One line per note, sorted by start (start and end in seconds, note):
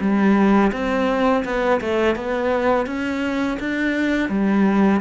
0.00 0.71 G3
0.72 1.44 C4
1.44 1.80 B3
1.81 2.15 A3
2.15 2.86 B3
2.86 3.58 C#4
3.59 4.29 D4
4.29 5.00 G3